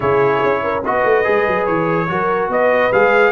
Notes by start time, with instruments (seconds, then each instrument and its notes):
0.00 tuba C#3, trombone E4, horn G#4, trumpet C#5
0.43 tuba C#4
0.63 horn A#4
0.83 tuba B3, trombone F#4, horn B4, trumpet D#5
1.04 tuba A3
1.24 tuba G#3, trombone G#4
1.47 tuba F#3
1.65 tuba E3, trumpet C#5
2.08 tuba F#3, trombone F#4, horn A#4
2.48 tuba B3, horn B4, trumpet D#5
2.92 tuba G#3, trombone G#4, trumpet F5